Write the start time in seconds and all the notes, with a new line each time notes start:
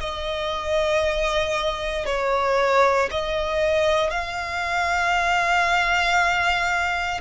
0.00 D#5
2.05 C#5
3.11 D#5
4.10 F5